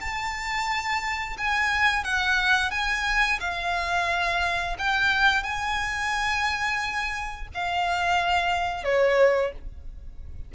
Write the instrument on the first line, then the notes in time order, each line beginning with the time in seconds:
violin
0.00 A5
1.37 G#5
2.04 F#5
2.71 G#5
3.40 F5
4.78 G5
5.43 G#5
7.54 F5
8.84 C#5